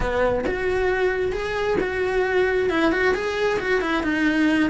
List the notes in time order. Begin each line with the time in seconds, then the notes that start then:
0.00 B3
0.46 F#4
1.32 G#4
1.80 F#4
2.69 E4
2.92 F#4
3.14 G#4
3.59 F#4
3.81 E4
4.03 D#4